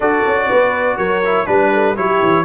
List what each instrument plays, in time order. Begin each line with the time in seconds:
0.00 tuba D4, trombone F#4, horn A4, trumpet D5
0.26 tuba C#4
0.48 tuba B3, horn B4
0.97 tuba F#3, horn A#4, trumpet C#5
1.25 trombone E4
1.46 tuba G3, trombone D4, trumpet B4, horn B4
1.73 horn A4
1.96 tuba F#3, trombone E4, horn G4, trumpet C#5
2.22 tuba E3